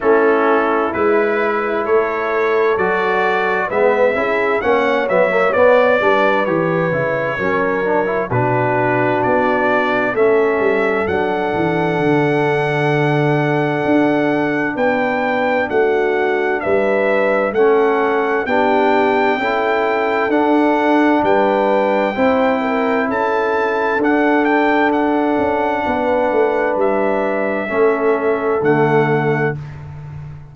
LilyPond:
<<
  \new Staff \with { instrumentName = "trumpet" } { \time 4/4 \tempo 4 = 65 a'4 b'4 cis''4 d''4 | e''4 fis''8 e''8 d''4 cis''4~ | cis''4 b'4 d''4 e''4 | fis''1 |
g''4 fis''4 e''4 fis''4 | g''2 fis''4 g''4~ | g''4 a''4 fis''8 g''8 fis''4~ | fis''4 e''2 fis''4 | }
  \new Staff \with { instrumentName = "horn" } { \time 4/4 e'2 a'2 | b'8 gis'8 cis''4. b'4. | ais'4 fis'2 a'4~ | a'1 |
b'4 fis'4 b'4 a'4 | g'4 a'2 b'4 | c''8 ais'8 a'2. | b'2 a'2 | }
  \new Staff \with { instrumentName = "trombone" } { \time 4/4 cis'4 e'2 fis'4 | b8 e'8 cis'8 b16 ais16 b8 d'8 g'8 e'8 | cis'8 d'16 e'16 d'2 cis'4 | d'1~ |
d'2. cis'4 | d'4 e'4 d'2 | e'2 d'2~ | d'2 cis'4 a4 | }
  \new Staff \with { instrumentName = "tuba" } { \time 4/4 a4 gis4 a4 fis4 | gis8 cis'8 ais8 fis8 b8 g8 e8 cis8 | fis4 b,4 b4 a8 g8 | fis8 e8 d2 d'4 |
b4 a4 g4 a4 | b4 cis'4 d'4 g4 | c'4 cis'4 d'4. cis'8 | b8 a8 g4 a4 d4 | }
>>